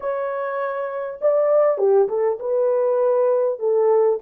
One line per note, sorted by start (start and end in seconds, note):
0.00 1.19 C#5
1.21 1.78 D5
1.78 2.08 G4
2.08 2.38 A4
2.39 3.59 B4
3.59 4.19 A4